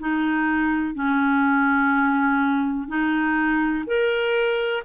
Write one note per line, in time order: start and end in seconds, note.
0.00 0.95 D#4
0.95 2.88 C#4
2.88 3.85 D#4
3.87 4.83 A#4